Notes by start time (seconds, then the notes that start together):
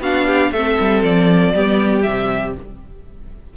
0.00 B3 D4 F#4 F5
0.27 G4
0.52 A3 C4 A4 E5
0.81 G3
1.03 F3 D5
1.55 G3 B3 G4
2.03 C3 G3 E5